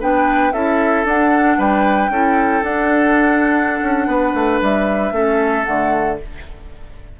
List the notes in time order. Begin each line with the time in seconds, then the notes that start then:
0.00 B3 D4 B4 G5
0.52 C#4 E4 A4 E5
1.04 D4 F#5
1.58 G3 B4 G5
2.09 C#4 E4 A4
2.62 D4 F#5
3.82 C#4
4.07 B3 B4
4.34 A3
4.61 G3 E5
5.12 A3 C#4 A4
5.64 D3 A3 F#5